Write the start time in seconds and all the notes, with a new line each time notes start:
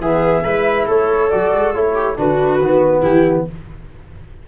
0.00 E3 B3 G#4 E5
0.44 G#3 E4 B4
0.86 A3 A4 C#5
1.30 F#3 F#4 D5
1.53 G#3
1.74 A3 E4 C#5
1.94 G4
2.16 D3 D4 F#4 B4
2.59 D#3 B3
3.01 E3 E4 G4